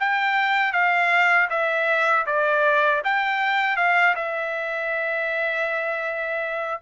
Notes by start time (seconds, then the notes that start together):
0.00 G5
0.73 F5
1.50 E5
2.26 D5
3.04 G5
3.77 F5
4.16 E5